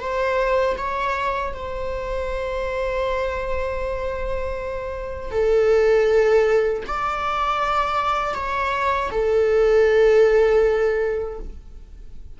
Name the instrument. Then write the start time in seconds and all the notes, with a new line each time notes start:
viola
0.00 C5
0.77 C#5
1.53 C5
5.31 A4
6.87 D5
8.34 C#5
9.11 A4